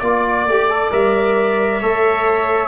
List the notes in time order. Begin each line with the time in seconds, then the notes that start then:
0.00 A#3 F4 D5
0.46 A3 G4
0.70 A4
0.91 G3 A#4 E5
1.80 A3 A4 C#5